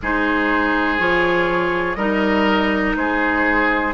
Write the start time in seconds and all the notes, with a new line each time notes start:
0.02 G#3 D#4 G#4 C5
0.99 F3 F4 C#5
1.95 G3 D#4 A#4 D#5
2.95 G#3 G#4 C5